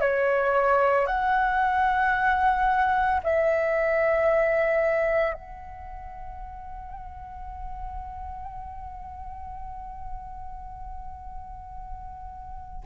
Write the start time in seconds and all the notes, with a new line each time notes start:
0.00 C#5
1.06 F#5
3.23 E5
5.33 F#5